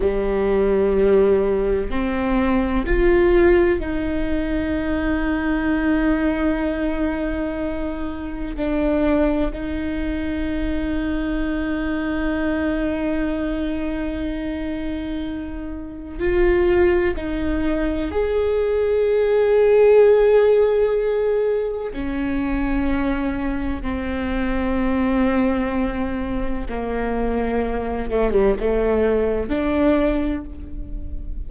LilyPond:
\new Staff \with { instrumentName = "viola" } { \time 4/4 \tempo 4 = 63 g2 c'4 f'4 | dis'1~ | dis'4 d'4 dis'2~ | dis'1~ |
dis'4 f'4 dis'4 gis'4~ | gis'2. cis'4~ | cis'4 c'2. | ais4. a16 g16 a4 d'4 | }